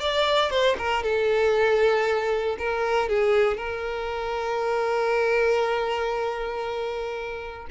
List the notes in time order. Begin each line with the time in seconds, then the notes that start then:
0.00 D5
0.50 C5
0.78 A#4
1.03 A4
2.58 A#4
3.09 G#4
3.57 A#4